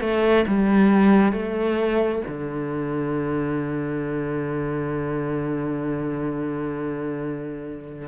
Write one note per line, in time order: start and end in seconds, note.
0.00 0.45 A3
0.47 1.32 G3
1.32 2.22 A3
2.27 8.08 D3